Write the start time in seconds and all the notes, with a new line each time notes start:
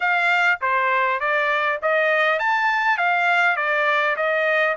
0.00 F5
0.61 C5
1.19 D5
1.82 D#5
2.39 A5
2.97 F5
3.56 D5
4.16 D#5